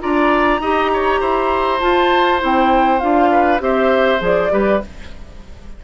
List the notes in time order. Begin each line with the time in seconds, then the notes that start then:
0.00 D4 F4 D5 A#5
0.60 D#4 G4 D#5
0.93 C#5
1.20 E4 C5
1.79 F4 A5
2.39 C4 E4
2.45 G5
3.00 D4 F4 F5
3.32 B4
3.60 C4 G4 C5 E5
4.20 F3 G#4 D5
4.50 G3 G4 B4